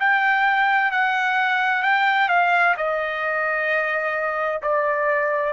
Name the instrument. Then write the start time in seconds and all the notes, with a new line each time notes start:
trumpet
0.00 G5
0.91 F#5
1.83 G5
2.29 F5
2.77 D#5
4.62 D5